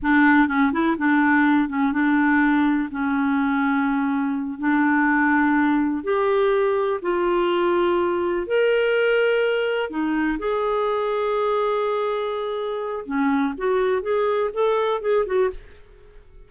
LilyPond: \new Staff \with { instrumentName = "clarinet" } { \time 4/4 \tempo 4 = 124 d'4 cis'8 e'8 d'4. cis'8 | d'2 cis'2~ | cis'4. d'2~ d'8~ | d'8 g'2 f'4.~ |
f'4. ais'2~ ais'8~ | ais'8 dis'4 gis'2~ gis'8~ | gis'2. cis'4 | fis'4 gis'4 a'4 gis'8 fis'8 | }